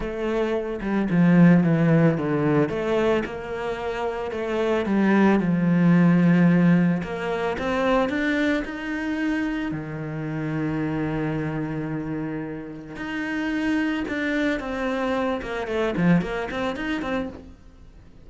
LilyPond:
\new Staff \with { instrumentName = "cello" } { \time 4/4 \tempo 4 = 111 a4. g8 f4 e4 | d4 a4 ais2 | a4 g4 f2~ | f4 ais4 c'4 d'4 |
dis'2 dis2~ | dis1 | dis'2 d'4 c'4~ | c'8 ais8 a8 f8 ais8 c'8 dis'8 c'8 | }